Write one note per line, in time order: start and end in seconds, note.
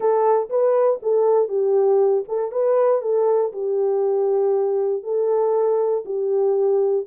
0.00 0.49 A4
0.49 1.00 B4
1.02 1.48 A4
1.48 2.24 G4
2.28 2.51 A4
2.51 3.01 B4
3.01 3.52 A4
3.52 5.03 G4
5.03 6.04 A4
6.05 7.06 G4